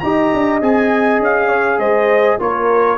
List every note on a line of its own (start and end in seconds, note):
0.00 0.32 D#4
0.00 0.62 G4
0.00 1.48 D#5
0.00 0.59 A#5
0.34 0.61 D4
0.61 1.19 C4
0.61 2.40 G#4
0.61 1.22 G#5
1.19 1.79 C#4
1.19 1.80 F5
1.48 1.78 C#5
1.79 2.38 G#3
1.79 2.39 C5
1.79 2.39 D#5
2.40 2.98 A#3
2.40 2.98 F4
2.40 2.98 A#4
2.40 2.98 C#5